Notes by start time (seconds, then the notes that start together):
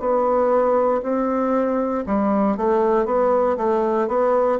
0.00 B3
1.03 C4
2.07 G3
2.57 A3
3.06 B3
3.57 A3
4.08 B3